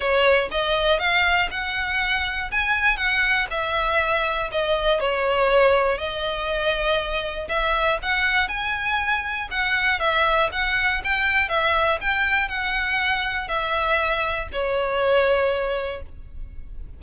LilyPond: \new Staff \with { instrumentName = "violin" } { \time 4/4 \tempo 4 = 120 cis''4 dis''4 f''4 fis''4~ | fis''4 gis''4 fis''4 e''4~ | e''4 dis''4 cis''2 | dis''2. e''4 |
fis''4 gis''2 fis''4 | e''4 fis''4 g''4 e''4 | g''4 fis''2 e''4~ | e''4 cis''2. | }